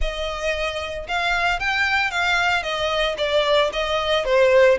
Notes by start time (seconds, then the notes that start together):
0.01 D#5
1.07 F5
1.59 G5
2.10 F5
2.62 D#5
3.17 D5
3.72 D#5
4.25 C5